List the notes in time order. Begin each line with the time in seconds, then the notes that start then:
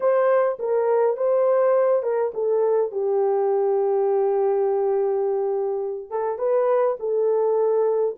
0.00 C5
0.59 A#4
1.17 C5
2.03 A#4
2.34 A4
2.91 G4
6.10 A4
6.38 B4
6.99 A4